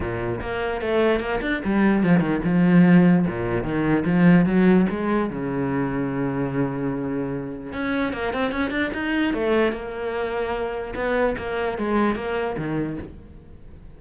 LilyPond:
\new Staff \with { instrumentName = "cello" } { \time 4/4 \tempo 4 = 148 ais,4 ais4 a4 ais8 d'8 | g4 f8 dis8 f2 | ais,4 dis4 f4 fis4 | gis4 cis2.~ |
cis2. cis'4 | ais8 c'8 cis'8 d'8 dis'4 a4 | ais2. b4 | ais4 gis4 ais4 dis4 | }